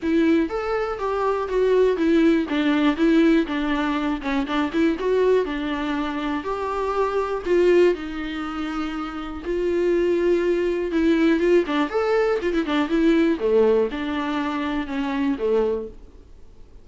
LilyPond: \new Staff \with { instrumentName = "viola" } { \time 4/4 \tempo 4 = 121 e'4 a'4 g'4 fis'4 | e'4 d'4 e'4 d'4~ | d'8 cis'8 d'8 e'8 fis'4 d'4~ | d'4 g'2 f'4 |
dis'2. f'4~ | f'2 e'4 f'8 d'8 | a'4 f'16 e'16 d'8 e'4 a4 | d'2 cis'4 a4 | }